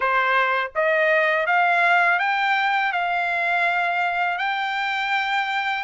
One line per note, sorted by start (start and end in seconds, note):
0.00 0.71 C5
0.75 1.46 D#5
1.46 2.19 F5
2.19 2.92 G5
2.92 4.38 F5
4.38 5.83 G5